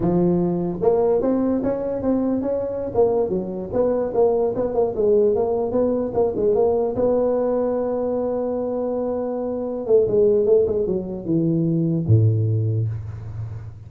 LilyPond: \new Staff \with { instrumentName = "tuba" } { \time 4/4 \tempo 4 = 149 f2 ais4 c'4 | cis'4 c'4 cis'4~ cis'16 ais8.~ | ais16 fis4 b4 ais4 b8 ais16~ | ais16 gis4 ais4 b4 ais8 gis16~ |
gis16 ais4 b2~ b8.~ | b1~ | b8 a8 gis4 a8 gis8 fis4 | e2 a,2 | }